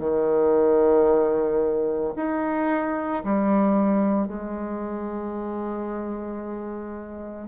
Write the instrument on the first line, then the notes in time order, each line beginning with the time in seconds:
bassoon
0.00 D#3
2.17 D#4
3.24 G3
4.28 G#3